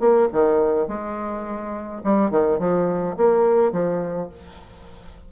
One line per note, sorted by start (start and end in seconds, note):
0.00 0.29 A#3
0.33 0.88 D#3
0.88 2.02 G#3
2.04 2.31 G3
2.31 2.59 D#3
2.59 3.16 F3
3.17 3.72 A#3
3.72 4.30 F3